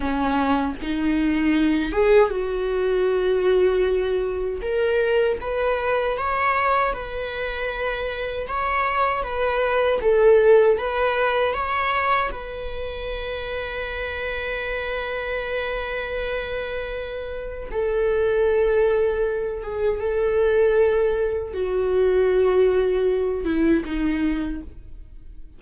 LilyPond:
\new Staff \with { instrumentName = "viola" } { \time 4/4 \tempo 4 = 78 cis'4 dis'4. gis'8 fis'4~ | fis'2 ais'4 b'4 | cis''4 b'2 cis''4 | b'4 a'4 b'4 cis''4 |
b'1~ | b'2. a'4~ | a'4. gis'8 a'2 | fis'2~ fis'8 e'8 dis'4 | }